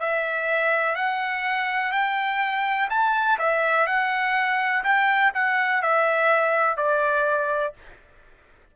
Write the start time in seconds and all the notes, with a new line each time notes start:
0.00 E5
0.95 F#5
1.92 G5
2.90 A5
3.39 E5
3.87 F#5
4.84 G5
5.34 F#5
5.82 E5
6.77 D5